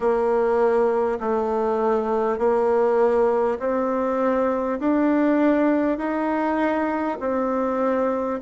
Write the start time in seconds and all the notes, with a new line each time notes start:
0.00 A#3
1.19 A3
2.38 A#3
3.59 C4
4.79 D4
5.98 D#4
7.20 C4